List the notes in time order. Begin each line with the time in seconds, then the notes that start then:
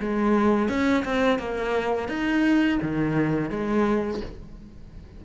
0.00 G#3
0.69 C#4
1.05 C4
1.39 A#3
2.09 D#4
2.82 D#3
3.50 G#3